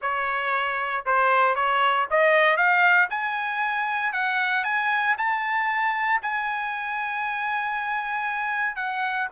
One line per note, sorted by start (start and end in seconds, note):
0.01 1.05 C#5
1.05 1.55 C5
1.55 2.06 C#5
2.10 2.57 D#5
2.57 3.08 F5
3.10 4.12 G#5
4.12 4.64 F#5
4.64 5.15 G#5
5.17 6.21 A5
6.22 8.76 G#5
8.76 9.28 F#5